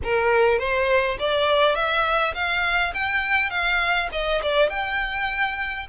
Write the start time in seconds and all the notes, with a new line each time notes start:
0.03 A#4
0.58 C5
1.19 D5
1.75 E5
2.34 F5
2.94 G5
3.50 F5
4.12 D#5
4.42 D5
4.69 G5